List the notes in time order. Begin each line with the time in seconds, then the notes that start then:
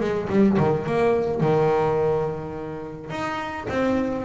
0.00 G#3
0.29 G3
0.57 D#3
0.86 A#3
1.40 D#3
3.10 D#4
3.69 C4